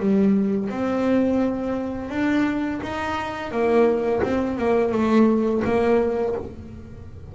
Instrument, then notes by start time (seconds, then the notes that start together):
double bass
0.00 G3
0.70 C4
2.10 D4
2.83 D#4
3.52 A#3
4.23 C4
4.58 A#3
4.92 A3
5.65 A#3